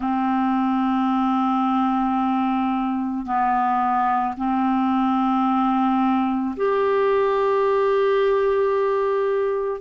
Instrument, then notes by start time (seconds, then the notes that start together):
clarinet
0.00 C4
3.25 B3
4.37 C4
6.56 G4